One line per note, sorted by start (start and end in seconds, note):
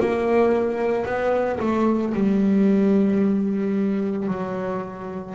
0.00 1.06 A#3
1.06 1.59 B3
1.60 2.13 A3
2.14 4.28 G3
4.28 5.35 F#3